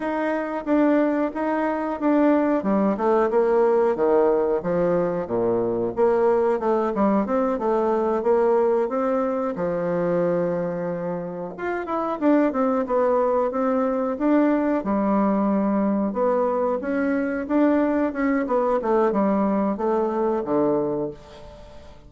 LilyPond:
\new Staff \with { instrumentName = "bassoon" } { \time 4/4 \tempo 4 = 91 dis'4 d'4 dis'4 d'4 | g8 a8 ais4 dis4 f4 | ais,4 ais4 a8 g8 c'8 a8~ | a8 ais4 c'4 f4.~ |
f4. f'8 e'8 d'8 c'8 b8~ | b8 c'4 d'4 g4.~ | g8 b4 cis'4 d'4 cis'8 | b8 a8 g4 a4 d4 | }